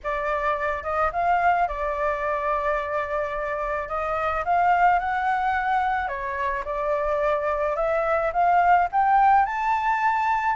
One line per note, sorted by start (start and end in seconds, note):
0.03 0.83 D5
0.83 1.11 D#5
1.12 1.67 F5
1.68 3.88 D5
3.88 4.43 D#5
4.44 4.99 F5
4.99 6.08 F#5
6.08 6.63 C#5
6.64 7.76 D5
7.76 8.31 E5
8.32 8.88 F5
8.91 9.45 G5
9.45 10.56 A5